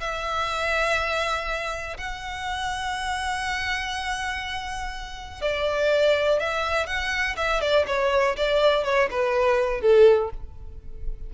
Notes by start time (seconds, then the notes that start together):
0.00 E5
1.97 F#5
5.41 D5
6.39 E5
6.86 F#5
7.36 E5
7.61 D5
7.87 C#5
8.36 D5
8.84 C#5
9.10 B4
9.81 A4